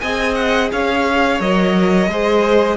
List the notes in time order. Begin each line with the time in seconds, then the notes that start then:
0.00 C4 G#4 D#5 G#5
0.35 F#5
0.72 C#4 C#5 F5
1.40 F#3 A#4 D#5
2.08 G#3 G#4 C5